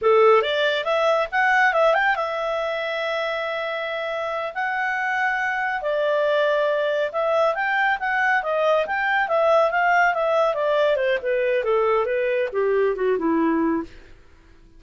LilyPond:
\new Staff \with { instrumentName = "clarinet" } { \time 4/4 \tempo 4 = 139 a'4 d''4 e''4 fis''4 | e''8 g''8 e''2.~ | e''2~ e''8 fis''4.~ | fis''4. d''2~ d''8~ |
d''8 e''4 g''4 fis''4 dis''8~ | dis''8 g''4 e''4 f''4 e''8~ | e''8 d''4 c''8 b'4 a'4 | b'4 g'4 fis'8 e'4. | }